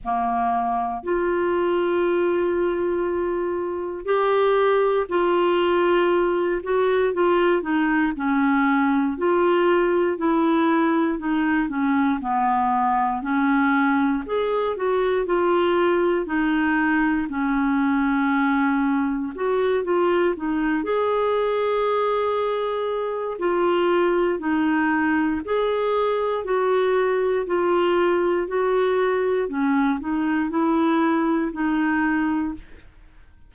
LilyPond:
\new Staff \with { instrumentName = "clarinet" } { \time 4/4 \tempo 4 = 59 ais4 f'2. | g'4 f'4. fis'8 f'8 dis'8 | cis'4 f'4 e'4 dis'8 cis'8 | b4 cis'4 gis'8 fis'8 f'4 |
dis'4 cis'2 fis'8 f'8 | dis'8 gis'2~ gis'8 f'4 | dis'4 gis'4 fis'4 f'4 | fis'4 cis'8 dis'8 e'4 dis'4 | }